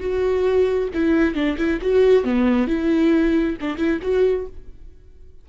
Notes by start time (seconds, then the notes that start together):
0.00 F#4
0.94 E4
1.35 D4
1.58 E4
1.82 F#4
2.24 B3
2.67 E4
3.61 D4
3.77 E4
4.02 F#4